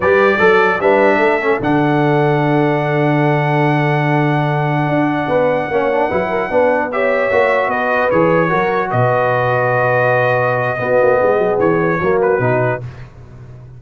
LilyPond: <<
  \new Staff \with { instrumentName = "trumpet" } { \time 4/4 \tempo 4 = 150 d''2 e''2 | fis''1~ | fis''1~ | fis''1~ |
fis''4~ fis''16 e''2 dis''8.~ | dis''16 cis''2 dis''4.~ dis''16~ | dis''1~ | dis''4 cis''4. b'4. | }
  \new Staff \with { instrumentName = "horn" } { \time 4/4 b'4 a'4 b'4 a'4~ | a'1~ | a'1~ | a'4~ a'16 b'4 cis''4 b'8 ais'16~ |
ais'16 b'4 cis''2 b'8.~ | b'4~ b'16 ais'4 b'4.~ b'16~ | b'2. fis'4 | gis'2 fis'2 | }
  \new Staff \with { instrumentName = "trombone" } { \time 4/4 g'4 a'4 d'4. cis'8 | d'1~ | d'1~ | d'2~ d'16 cis'8 d'8 e'8.~ |
e'16 d'4 g'4 fis'4.~ fis'16~ | fis'16 gis'4 fis'2~ fis'8.~ | fis'2. b4~ | b2 ais4 dis'4 | }
  \new Staff \with { instrumentName = "tuba" } { \time 4/4 g4 fis4 g4 a4 | d1~ | d1~ | d16 d'4 b4 ais4 fis8.~ |
fis16 b2 ais4 b8.~ | b16 e4 fis4 b,4.~ b,16~ | b,2. b8 ais8 | gis8 fis8 e4 fis4 b,4 | }
>>